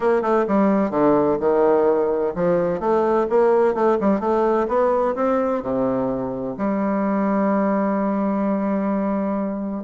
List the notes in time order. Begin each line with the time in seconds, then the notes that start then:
0.00 A#3
0.22 A3
0.47 G3
0.90 D3
1.40 D#3
2.35 F3
2.80 A3
3.29 A#3
3.74 A3
4.00 G3
4.20 A3
4.67 B3
5.15 C4
5.62 C3
6.57 G3